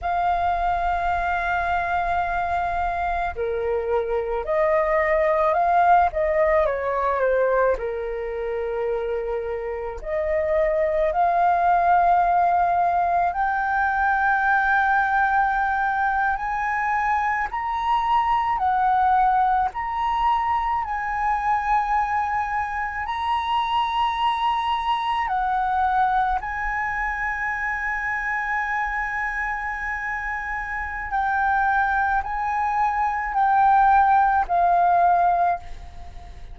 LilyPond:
\new Staff \with { instrumentName = "flute" } { \time 4/4 \tempo 4 = 54 f''2. ais'4 | dis''4 f''8 dis''8 cis''8 c''8 ais'4~ | ais'4 dis''4 f''2 | g''2~ g''8. gis''4 ais''16~ |
ais''8. fis''4 ais''4 gis''4~ gis''16~ | gis''8. ais''2 fis''4 gis''16~ | gis''1 | g''4 gis''4 g''4 f''4 | }